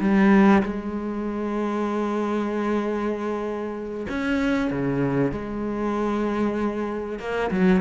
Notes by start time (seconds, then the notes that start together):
0.00 G3
0.63 G#3
4.09 C#4
4.71 C#3
5.32 G#3
7.19 A#3
7.51 F#3